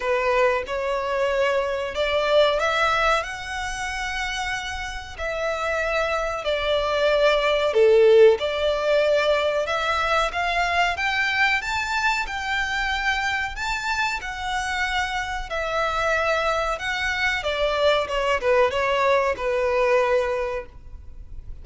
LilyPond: \new Staff \with { instrumentName = "violin" } { \time 4/4 \tempo 4 = 93 b'4 cis''2 d''4 | e''4 fis''2. | e''2 d''2 | a'4 d''2 e''4 |
f''4 g''4 a''4 g''4~ | g''4 a''4 fis''2 | e''2 fis''4 d''4 | cis''8 b'8 cis''4 b'2 | }